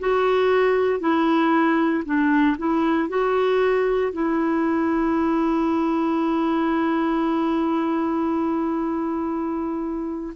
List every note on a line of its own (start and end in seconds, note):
0.00 1.01 F#4
1.01 2.04 E4
2.05 2.57 D4
2.58 3.09 E4
3.09 4.13 F#4
4.13 10.34 E4